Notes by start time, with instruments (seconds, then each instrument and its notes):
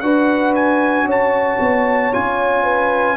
0.00 tuba D4, trombone F#4, horn B4, trumpet F#5
0.55 trumpet G#5
1.05 tuba C#4, horn C#5, trumpet A5
1.59 tuba B3
2.13 tuba C#4, trombone F4, trumpet G#5
2.63 horn B4